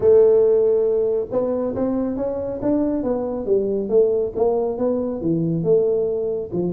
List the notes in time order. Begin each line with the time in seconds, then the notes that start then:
0.00 A3
1.31 B3
1.75 C4
2.16 C#4
2.61 D4
3.03 B3
3.46 G3
3.89 A3
4.35 A#3
4.77 B3
5.21 E3
5.63 A3
6.52 F3